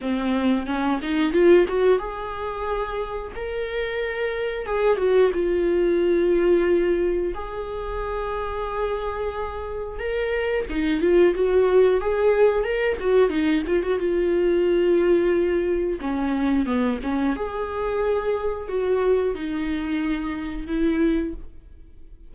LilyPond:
\new Staff \with { instrumentName = "viola" } { \time 4/4 \tempo 4 = 90 c'4 cis'8 dis'8 f'8 fis'8 gis'4~ | gis'4 ais'2 gis'8 fis'8 | f'2. gis'4~ | gis'2. ais'4 |
dis'8 f'8 fis'4 gis'4 ais'8 fis'8 | dis'8 f'16 fis'16 f'2. | cis'4 b8 cis'8 gis'2 | fis'4 dis'2 e'4 | }